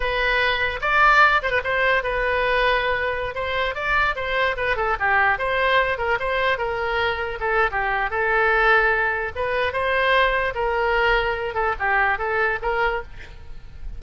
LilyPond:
\new Staff \with { instrumentName = "oboe" } { \time 4/4 \tempo 4 = 148 b'2 d''4. c''16 b'16 | c''4 b'2.~ | b'16 c''4 d''4 c''4 b'8 a'16~ | a'16 g'4 c''4. ais'8 c''8.~ |
c''16 ais'2 a'8. g'4 | a'2. b'4 | c''2 ais'2~ | ais'8 a'8 g'4 a'4 ais'4 | }